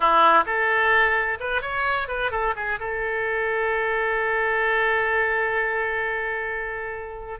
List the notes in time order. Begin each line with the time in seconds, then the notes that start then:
0.00 E4
0.46 A4
1.40 B4
1.61 C#5
2.08 B4
2.31 A4
2.56 G#4
2.79 A4